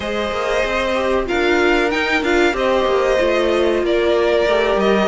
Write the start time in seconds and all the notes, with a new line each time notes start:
0.00 G#3 G#4 C5 D#5
0.31 A#3
0.64 C4
0.94 G4
1.26 D4 F4 A#4 F5
1.90 D#4 G5
2.21 D4 F4 F5
2.52 C4 G4 C5 D#5
2.85 A#3
3.19 A3 F4
3.82 A#3 A#4 D5
4.46 A3 G4
4.76 G3 D#5